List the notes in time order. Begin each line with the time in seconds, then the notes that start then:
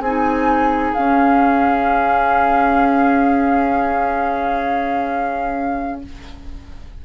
0.00 C4 D#4 G#4 G#5
0.94 C#4 F5